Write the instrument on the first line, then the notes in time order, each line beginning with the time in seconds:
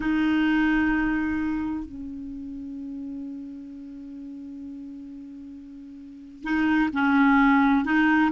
clarinet
0.00 D#4
1.85 C#4
6.43 D#4
6.93 C#4
7.84 D#4